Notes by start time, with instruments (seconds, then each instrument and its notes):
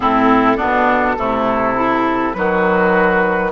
0.00 bassoon A2, clarinet C4, oboe E4, flute A4
0.56 bassoon B2, clarinet B3, oboe D4
1.17 bassoon C3, clarinet A3, oboe E4
1.75 clarinet E4
2.33 bassoon D#3, clarinet F#3, oboe F#4, flute B4